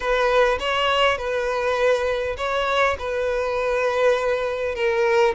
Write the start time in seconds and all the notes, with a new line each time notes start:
0.00 B4
0.59 C#5
1.17 B4
2.37 C#5
2.98 B4
4.75 A#4